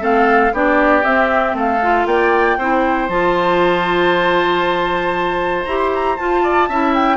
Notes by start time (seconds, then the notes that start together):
0.00 A3 C4 A4 F5
0.53 B3 D4 G4 D5
1.03 C4 E5
1.54 A3 A4 F5
1.82 F4
2.06 A#3 D5 G5
2.57 C4 E4 C5
3.09 F3 F4 A5
5.64 E4 G4 A#5
5.77 C6
5.95 A#5
6.17 F4 A5
6.43 D5
6.69 C#4 E4 E5
6.94 G5